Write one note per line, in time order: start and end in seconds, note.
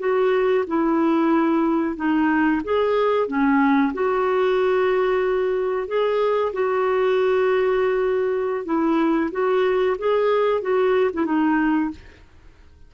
0.00 0.65 F#4
0.68 1.97 E4
1.97 2.62 D#4
2.64 3.28 G#4
3.28 3.93 C#4
3.94 5.88 F#4
5.88 6.53 G#4
6.53 8.65 F#4
8.66 9.31 E4
9.32 9.97 F#4
9.99 10.62 G#4
10.62 11.11 F#4
11.14 11.26 E4
11.26 11.91 D#4